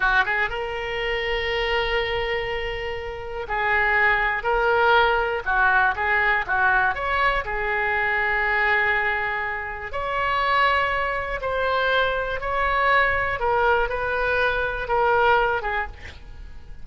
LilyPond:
\new Staff \with { instrumentName = "oboe" } { \time 4/4 \tempo 4 = 121 fis'8 gis'8 ais'2.~ | ais'2. gis'4~ | gis'4 ais'2 fis'4 | gis'4 fis'4 cis''4 gis'4~ |
gis'1 | cis''2. c''4~ | c''4 cis''2 ais'4 | b'2 ais'4. gis'8 | }